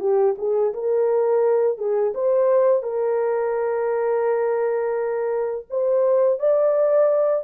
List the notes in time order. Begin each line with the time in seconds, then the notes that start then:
0.00 G4
0.38 G#4
0.74 A#4
1.78 G#4
2.15 C5
2.83 A#4
5.70 C5
6.39 D5